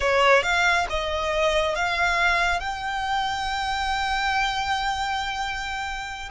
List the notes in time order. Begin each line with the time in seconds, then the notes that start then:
0.00 C#5
0.42 F5
0.89 D#5
1.75 F5
2.60 G5